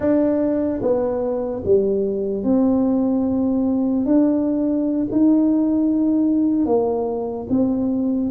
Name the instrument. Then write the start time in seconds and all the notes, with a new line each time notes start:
tuba
0.00 D4
0.81 B3
1.64 G3
2.43 C4
4.05 D4
5.11 D#4
6.65 A#3
7.49 C4